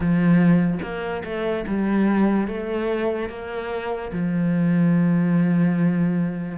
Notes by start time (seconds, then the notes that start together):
0.00 F3
0.82 A#3
1.24 A3
1.67 G3
2.47 A3
3.29 A#3
4.12 F3